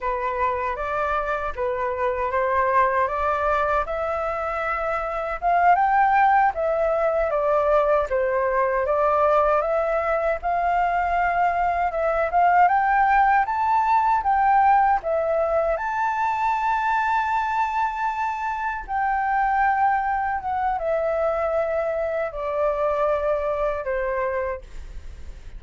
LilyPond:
\new Staff \with { instrumentName = "flute" } { \time 4/4 \tempo 4 = 78 b'4 d''4 b'4 c''4 | d''4 e''2 f''8 g''8~ | g''8 e''4 d''4 c''4 d''8~ | d''8 e''4 f''2 e''8 |
f''8 g''4 a''4 g''4 e''8~ | e''8 a''2.~ a''8~ | a''8 g''2 fis''8 e''4~ | e''4 d''2 c''4 | }